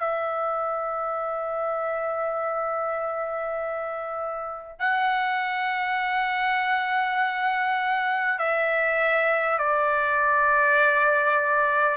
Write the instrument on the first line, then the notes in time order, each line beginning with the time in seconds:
trumpet
0.00 E5
4.80 F#5
8.39 E5
9.59 D5